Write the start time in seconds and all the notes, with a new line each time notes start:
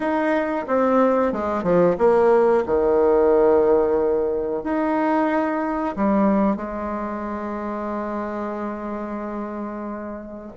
0.00 D#4
0.67 C4
1.32 G#3
1.63 F3
1.98 A#3
2.66 D#3
4.63 D#4
5.96 G3
6.56 G#3